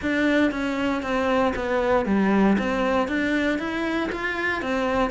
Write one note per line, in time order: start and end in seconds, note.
0.01 0.51 D4
0.51 1.02 C#4
1.02 1.53 C4
1.55 2.05 B3
2.05 2.57 G3
2.58 3.08 C4
3.08 3.58 D4
3.58 4.10 E4
4.11 4.62 F4
4.62 5.10 C4